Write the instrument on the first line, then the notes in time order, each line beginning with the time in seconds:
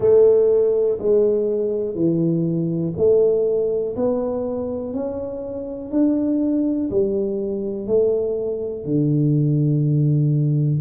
tuba
0.00 A3
0.98 G#3
1.94 E3
2.97 A3
3.96 B3
4.93 C#4
5.91 D4
6.90 G3
7.86 A3
8.84 D3